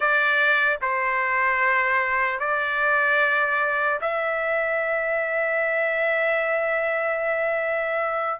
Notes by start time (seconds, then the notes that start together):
0.00 D5
0.81 C5
2.39 D5
4.01 E5